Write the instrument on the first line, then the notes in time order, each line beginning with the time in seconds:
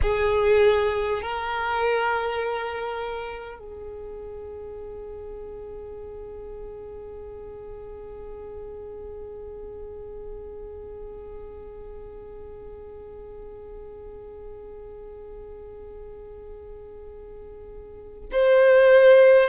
violin
0.02 G#4
1.22 A#4
3.58 G#4
18.32 C5